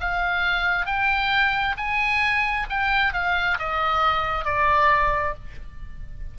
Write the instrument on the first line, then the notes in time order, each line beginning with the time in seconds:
oboe
0.00 F5
0.85 G5
1.77 G#5
2.69 G5
3.13 F5
3.58 D#5
4.45 D5